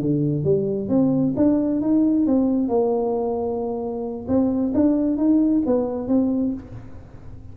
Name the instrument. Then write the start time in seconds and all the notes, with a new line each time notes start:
tuba
0.00 D3
0.44 G3
0.89 C4
1.36 D4
1.81 D#4
2.26 C4
2.68 A#3
4.28 C4
4.74 D4
5.17 D#4
5.66 B3
6.08 C4